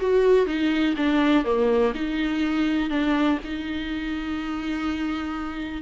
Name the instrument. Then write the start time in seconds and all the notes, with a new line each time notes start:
viola
0.00 F#4
0.47 D#4
0.97 D4
1.45 A#3
1.95 D#4
2.90 D4
3.44 D#4